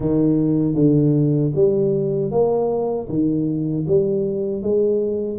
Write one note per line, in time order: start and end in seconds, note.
0.00 0.74 D#3
0.74 1.51 D3
1.54 2.31 G3
2.31 3.08 A#3
3.09 3.86 D#3
3.87 4.62 G3
4.62 5.38 G#3